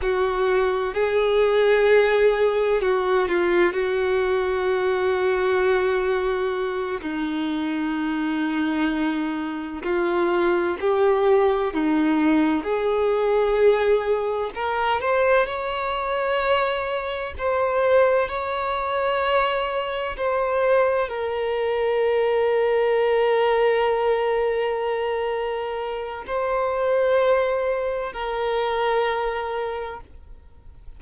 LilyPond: \new Staff \with { instrumentName = "violin" } { \time 4/4 \tempo 4 = 64 fis'4 gis'2 fis'8 f'8 | fis'2.~ fis'8 dis'8~ | dis'2~ dis'8 f'4 g'8~ | g'8 dis'4 gis'2 ais'8 |
c''8 cis''2 c''4 cis''8~ | cis''4. c''4 ais'4.~ | ais'1 | c''2 ais'2 | }